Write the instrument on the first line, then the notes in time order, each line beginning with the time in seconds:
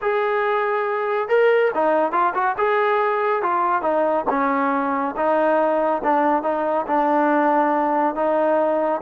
trombone
0.01 G#4
1.28 A#4
1.74 D#4
2.12 F4
2.34 F#4
2.57 G#4
3.42 F4
3.82 D#4
4.29 C#4
5.16 D#4
6.03 D4
6.43 D#4
6.86 D4
8.15 D#4